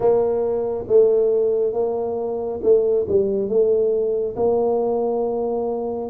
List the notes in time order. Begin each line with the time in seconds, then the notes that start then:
0.00 A#3
0.87 A3
1.73 A#3
2.62 A3
3.08 G3
3.48 A3
4.36 A#3